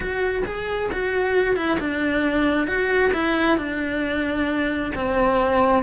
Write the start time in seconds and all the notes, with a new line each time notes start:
0.00 F#4
0.45 G#4
0.92 F#4
1.55 E4
1.79 D4
2.67 F#4
3.13 E4
3.57 D4
4.95 C4